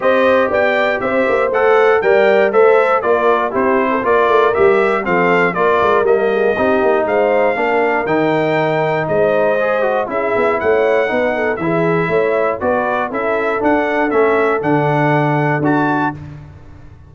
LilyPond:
<<
  \new Staff \with { instrumentName = "trumpet" } { \time 4/4 \tempo 4 = 119 dis''4 g''4 e''4 fis''4 | g''4 e''4 d''4 c''4 | d''4 e''4 f''4 d''4 | dis''2 f''2 |
g''2 dis''2 | e''4 fis''2 e''4~ | e''4 d''4 e''4 fis''4 | e''4 fis''2 a''4 | }
  \new Staff \with { instrumentName = "horn" } { \time 4/4 c''4 d''4 c''2 | d''4 c''4 ais'4 g'8. a'16 | ais'2 a'4 ais'4~ | ais'8 gis'8 g'4 c''4 ais'4~ |
ais'2 c''2 | gis'4 cis''4 b'8 a'8 gis'4 | cis''4 b'4 a'2~ | a'1 | }
  \new Staff \with { instrumentName = "trombone" } { \time 4/4 g'2. a'4 | ais'4 a'4 f'4 e'4 | f'4 g'4 c'4 f'4 | ais4 dis'2 d'4 |
dis'2. gis'8 fis'8 | e'2 dis'4 e'4~ | e'4 fis'4 e'4 d'4 | cis'4 d'2 fis'4 | }
  \new Staff \with { instrumentName = "tuba" } { \time 4/4 c'4 b4 c'8 ais8 a4 | g4 a4 ais4 c'4 | ais8 a8 g4 f4 ais8 gis8 | g4 c'8 ais8 gis4 ais4 |
dis2 gis2 | cis'8 b8 a4 b4 e4 | a4 b4 cis'4 d'4 | a4 d2 d'4 | }
>>